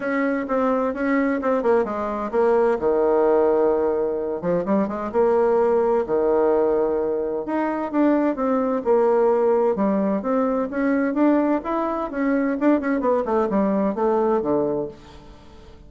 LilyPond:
\new Staff \with { instrumentName = "bassoon" } { \time 4/4 \tempo 4 = 129 cis'4 c'4 cis'4 c'8 ais8 | gis4 ais4 dis2~ | dis4. f8 g8 gis8 ais4~ | ais4 dis2. |
dis'4 d'4 c'4 ais4~ | ais4 g4 c'4 cis'4 | d'4 e'4 cis'4 d'8 cis'8 | b8 a8 g4 a4 d4 | }